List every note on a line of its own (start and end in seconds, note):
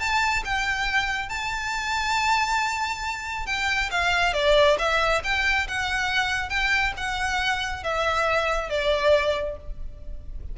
0.00 0.43 A5
0.45 1.29 G5
1.29 3.47 A5
3.47 3.90 G5
3.91 4.34 F5
4.34 4.77 D5
4.79 5.22 E5
5.24 5.68 G5
5.68 6.50 F#5
6.50 6.93 G5
6.97 7.84 F#5
7.84 8.70 E5
8.70 9.57 D5